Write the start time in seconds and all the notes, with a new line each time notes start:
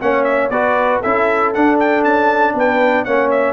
0.00 A#3 C#4 C#5 F#5
0.24 E5
0.49 B3 F#4 B4 D5
1.01 C#4 E4 A4 E5
1.53 D4 F#5
1.80 G5
2.04 C#4 A5
2.54 B3 B4 G5
3.04 A#3 C#4 C#5 F#5
3.30 E5